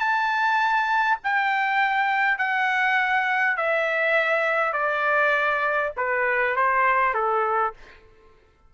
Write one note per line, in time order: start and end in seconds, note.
0.00 1.19 A5
1.24 2.38 G5
2.38 3.57 F#5
3.57 4.73 E5
4.73 5.92 D5
5.97 6.56 B4
6.56 7.14 C5
7.14 7.74 A4